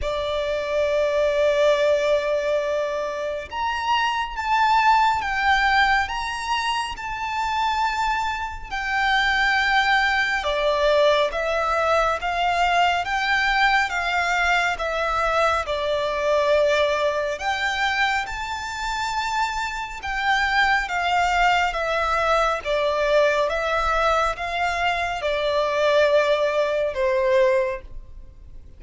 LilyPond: \new Staff \with { instrumentName = "violin" } { \time 4/4 \tempo 4 = 69 d''1 | ais''4 a''4 g''4 ais''4 | a''2 g''2 | d''4 e''4 f''4 g''4 |
f''4 e''4 d''2 | g''4 a''2 g''4 | f''4 e''4 d''4 e''4 | f''4 d''2 c''4 | }